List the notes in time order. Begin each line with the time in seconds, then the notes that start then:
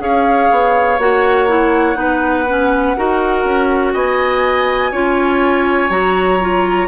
0.00 C#4 G#4 C#5 F5
0.51 B3
0.99 A#3 F#4 F#5
1.49 E4
1.95 B3 D#4 B4
2.49 C#4
2.97 D#4 F#4 A#4
3.45 C#4
3.94 B3 D#5 G#5
4.91 C#4 F4 C#5
5.90 F#3 F#4 A#5
6.41 F4